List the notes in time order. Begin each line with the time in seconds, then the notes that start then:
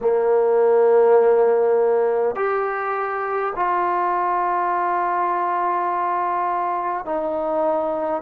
0.00 A#3
2.35 G4
3.55 F4
7.05 D#4